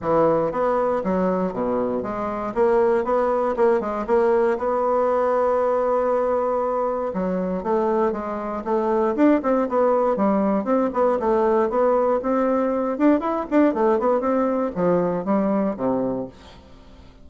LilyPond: \new Staff \with { instrumentName = "bassoon" } { \time 4/4 \tempo 4 = 118 e4 b4 fis4 b,4 | gis4 ais4 b4 ais8 gis8 | ais4 b2.~ | b2 fis4 a4 |
gis4 a4 d'8 c'8 b4 | g4 c'8 b8 a4 b4 | c'4. d'8 e'8 d'8 a8 b8 | c'4 f4 g4 c4 | }